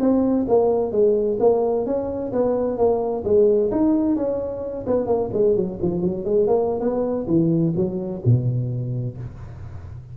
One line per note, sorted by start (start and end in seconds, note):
0.00 0.46 C4
0.48 0.92 A#3
0.92 1.38 G#3
1.40 1.86 A#3
1.86 2.32 C#4
2.33 2.78 B3
2.78 3.24 A#3
3.24 3.70 G#3
3.71 4.16 D#4
4.16 4.85 C#4
4.87 5.07 B3
5.07 5.30 A#3
5.33 5.56 G#3
5.56 5.79 F#3
5.82 6.02 F3
6.02 6.25 F#3
6.25 6.47 G#3
6.47 6.80 A#3
6.80 7.27 B3
7.28 7.74 E3
7.76 8.22 F#3
8.25 9.17 B2